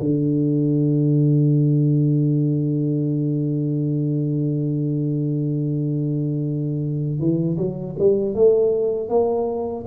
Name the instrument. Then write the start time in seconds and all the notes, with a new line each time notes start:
tuba
0.00 D3
7.19 E3
7.58 F#3
7.99 G3
8.35 A3
9.09 A#3